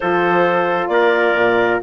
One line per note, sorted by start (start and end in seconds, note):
0.00 0.88 F3
0.00 1.82 F4
0.00 0.91 A4
0.00 0.87 C5
0.87 1.33 A#3
0.87 1.82 A#4
0.87 1.78 D5
1.34 1.79 A#2